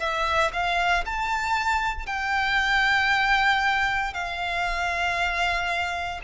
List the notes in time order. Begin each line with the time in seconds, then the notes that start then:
0.00 E5
0.53 F5
1.06 A5
2.07 G5
4.14 F5